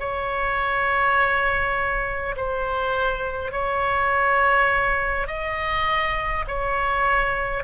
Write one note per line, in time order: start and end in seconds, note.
0.00 2.35 C#5
2.36 3.52 C5
3.52 5.27 C#5
5.27 6.45 D#5
6.48 7.64 C#5